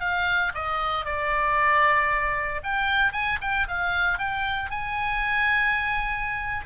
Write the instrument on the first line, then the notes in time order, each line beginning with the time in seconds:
oboe
0.00 F5
0.54 D#5
1.05 D5
2.63 G5
3.13 G#5
3.41 G5
3.68 F5
4.18 G5
4.70 G#5